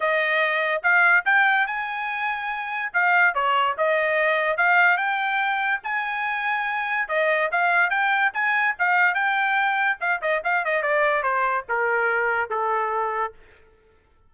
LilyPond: \new Staff \with { instrumentName = "trumpet" } { \time 4/4 \tempo 4 = 144 dis''2 f''4 g''4 | gis''2. f''4 | cis''4 dis''2 f''4 | g''2 gis''2~ |
gis''4 dis''4 f''4 g''4 | gis''4 f''4 g''2 | f''8 dis''8 f''8 dis''8 d''4 c''4 | ais'2 a'2 | }